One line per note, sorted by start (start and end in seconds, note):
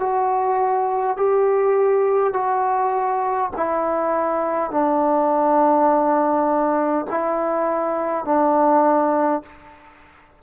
0.00 1.17 F#4
1.17 2.33 G4
2.33 3.51 F#4
3.56 4.71 E4
4.71 7.06 D4
7.10 8.25 E4
8.25 9.42 D4